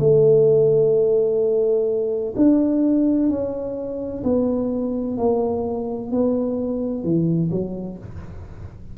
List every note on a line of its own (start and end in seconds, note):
0.00 2.34 A3
2.37 3.29 D4
3.29 4.23 C#4
4.24 5.18 B3
5.18 6.12 A#3
6.12 7.04 B3
7.04 7.51 E3
7.51 7.98 F#3